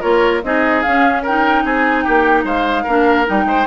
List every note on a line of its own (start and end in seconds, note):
0.00 0.43 A#3
0.00 0.42 F4
0.00 0.41 A#4
0.00 0.42 C#5
0.43 0.84 C4
0.43 0.85 D#4
0.43 1.22 G#4
0.43 0.82 D#5
0.82 1.26 C#4
0.82 1.64 C#4
0.82 1.22 F5
1.22 2.87 D#4
1.22 1.63 A#4
1.22 1.65 G5
1.64 2.05 C4
1.64 2.04 G#4
1.64 2.02 G#5
2.02 2.44 A#3
2.02 2.44 G4
2.02 2.43 G5
2.44 2.84 G#3
2.44 2.83 C5
2.44 3.28 F5
2.83 3.28 A#3
2.83 3.25 D4
2.83 3.44 A#4
3.25 3.45 G3
3.25 3.66 D#4
3.25 3.66 G5
3.45 3.65 G#3
3.45 3.66 C5